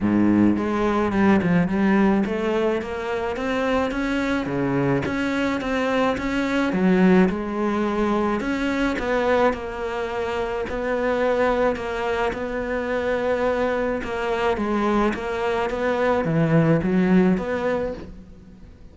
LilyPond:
\new Staff \with { instrumentName = "cello" } { \time 4/4 \tempo 4 = 107 gis,4 gis4 g8 f8 g4 | a4 ais4 c'4 cis'4 | cis4 cis'4 c'4 cis'4 | fis4 gis2 cis'4 |
b4 ais2 b4~ | b4 ais4 b2~ | b4 ais4 gis4 ais4 | b4 e4 fis4 b4 | }